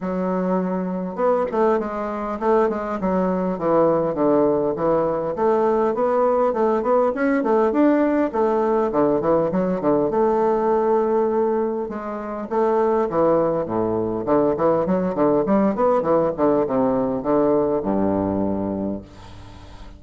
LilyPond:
\new Staff \with { instrumentName = "bassoon" } { \time 4/4 \tempo 4 = 101 fis2 b8 a8 gis4 | a8 gis8 fis4 e4 d4 | e4 a4 b4 a8 b8 | cis'8 a8 d'4 a4 d8 e8 |
fis8 d8 a2. | gis4 a4 e4 a,4 | d8 e8 fis8 d8 g8 b8 e8 d8 | c4 d4 g,2 | }